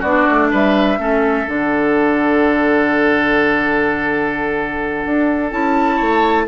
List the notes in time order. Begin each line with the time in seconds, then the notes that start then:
0.00 B3 D4 F#4 D5
0.30 A3
0.51 G3 B4 E5
0.99 A3 C#4 A4
1.47 D3 D4 F#5
5.05 D4
5.51 C#4 E4 A5
5.96 A3 C#5